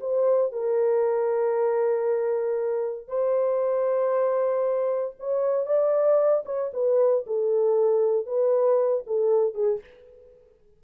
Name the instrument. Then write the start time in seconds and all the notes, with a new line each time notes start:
horn
0.00 C5
0.52 A#4
3.08 C5
5.19 C#5
5.66 D5
6.45 C#5
6.73 B4
7.26 A4
8.26 B4
9.06 A4
9.54 G#4